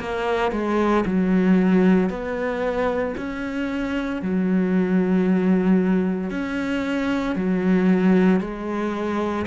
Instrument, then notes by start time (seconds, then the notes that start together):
cello
0.00 A#3
0.52 G#3
1.06 F#3
2.10 B3
3.18 C#4
4.22 F#3
6.31 C#4
7.36 F#3
8.41 G#3